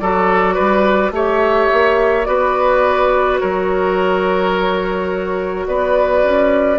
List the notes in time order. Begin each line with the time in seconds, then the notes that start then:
0.00 F#3 F#4 A4 D5
0.55 G3 B4
1.11 A3 G4 C#5 E5
1.73 A#3
2.25 B3 F#4 B4 D5
3.40 F#3 A#4 C#5
5.67 B3 B4 D5
6.24 C#4